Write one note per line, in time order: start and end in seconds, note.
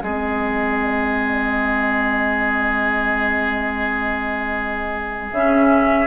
0.00 5.32 G#3
0.00 5.32 C4
0.00 6.07 G#4
0.00 5.33 D#5
5.32 6.07 C#3
5.32 6.07 C#4
5.32 6.07 E5